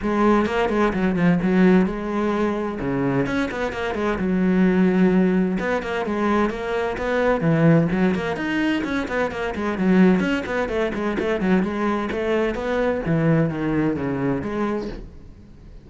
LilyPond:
\new Staff \with { instrumentName = "cello" } { \time 4/4 \tempo 4 = 129 gis4 ais8 gis8 fis8 f8 fis4 | gis2 cis4 cis'8 b8 | ais8 gis8 fis2. | b8 ais8 gis4 ais4 b4 |
e4 fis8 ais8 dis'4 cis'8 b8 | ais8 gis8 fis4 cis'8 b8 a8 gis8 | a8 fis8 gis4 a4 b4 | e4 dis4 cis4 gis4 | }